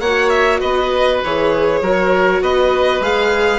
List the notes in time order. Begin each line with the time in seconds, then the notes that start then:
0.00 A#3 F#4 C#5 F#5
0.29 E5
0.60 B3 B4 D#5
1.24 E3 G#4 C#5
1.81 F#3 F#4 A#4
2.42 B3 B4 D#5
3.00 G#3 G#4 F5